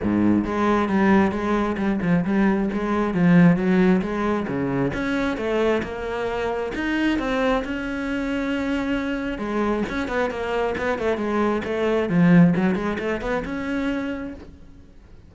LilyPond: \new Staff \with { instrumentName = "cello" } { \time 4/4 \tempo 4 = 134 gis,4 gis4 g4 gis4 | g8 f8 g4 gis4 f4 | fis4 gis4 cis4 cis'4 | a4 ais2 dis'4 |
c'4 cis'2.~ | cis'4 gis4 cis'8 b8 ais4 | b8 a8 gis4 a4 f4 | fis8 gis8 a8 b8 cis'2 | }